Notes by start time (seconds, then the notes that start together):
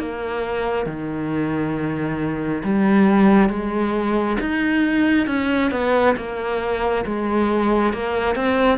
0.00 A#3
0.87 D#3
2.64 G3
3.49 G#3
4.41 D#4
5.27 C#4
5.72 B3
6.17 A#3
7.06 G#3
7.94 A#3
8.36 C4